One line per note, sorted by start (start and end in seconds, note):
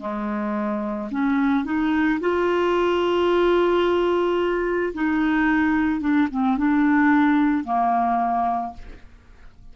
0.00 1.09 G#3
1.11 1.65 C#4
1.65 2.19 D#4
2.20 4.93 F4
4.94 6.00 D#4
6.00 6.28 D4
6.31 6.58 C4
6.58 7.64 D4
7.64 8.73 A#3